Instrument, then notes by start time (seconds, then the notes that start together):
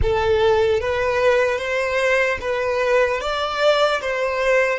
violin
0.01 A4
0.80 B4
1.58 C5
2.40 B4
3.20 D5
4.01 C5